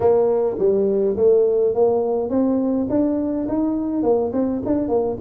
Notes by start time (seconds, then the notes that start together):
0.00 A#3
0.58 G3
1.16 A3
1.74 A#3
2.29 C4
2.89 D4
3.48 D#4
4.03 A#3
4.33 C4
4.65 D4
4.88 A#3